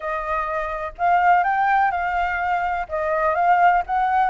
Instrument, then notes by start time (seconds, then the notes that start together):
flute
0.00 D#5
0.98 F5
1.43 G5
1.91 F5
2.88 D#5
3.34 F5
3.86 F#5